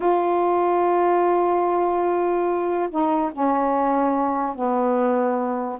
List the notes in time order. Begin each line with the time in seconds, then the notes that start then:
0.00 F4
2.90 D#4
3.32 C#4
4.55 B3